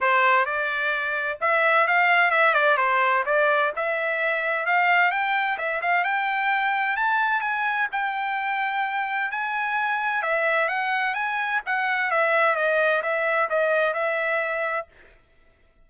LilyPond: \new Staff \with { instrumentName = "trumpet" } { \time 4/4 \tempo 4 = 129 c''4 d''2 e''4 | f''4 e''8 d''8 c''4 d''4 | e''2 f''4 g''4 | e''8 f''8 g''2 a''4 |
gis''4 g''2. | gis''2 e''4 fis''4 | gis''4 fis''4 e''4 dis''4 | e''4 dis''4 e''2 | }